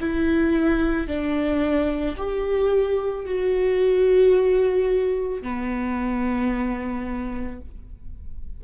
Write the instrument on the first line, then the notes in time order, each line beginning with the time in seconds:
viola
0.00 E4
1.07 D4
2.17 G4
3.25 F#4
5.42 B3